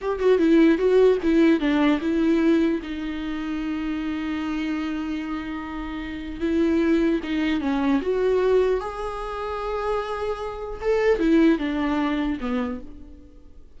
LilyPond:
\new Staff \with { instrumentName = "viola" } { \time 4/4 \tempo 4 = 150 g'8 fis'8 e'4 fis'4 e'4 | d'4 e'2 dis'4~ | dis'1~ | dis'1 |
e'2 dis'4 cis'4 | fis'2 gis'2~ | gis'2. a'4 | e'4 d'2 b4 | }